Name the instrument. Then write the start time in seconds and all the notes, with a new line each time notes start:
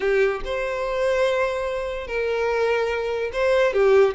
violin
0.00 G4
0.44 C5
2.07 A#4
3.33 C5
3.73 G4